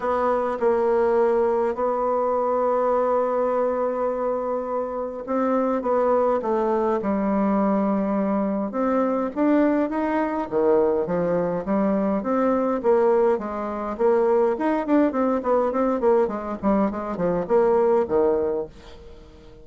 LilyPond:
\new Staff \with { instrumentName = "bassoon" } { \time 4/4 \tempo 4 = 103 b4 ais2 b4~ | b1~ | b4 c'4 b4 a4 | g2. c'4 |
d'4 dis'4 dis4 f4 | g4 c'4 ais4 gis4 | ais4 dis'8 d'8 c'8 b8 c'8 ais8 | gis8 g8 gis8 f8 ais4 dis4 | }